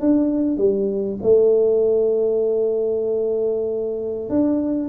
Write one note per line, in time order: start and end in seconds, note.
0.00 0.57 D4
0.57 1.19 G3
1.22 4.29 A3
4.29 4.89 D4